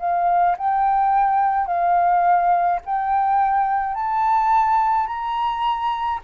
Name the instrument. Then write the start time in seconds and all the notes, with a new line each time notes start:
flute
0.00 F5
0.58 G5
1.67 F5
2.86 G5
3.95 A5
5.07 A#5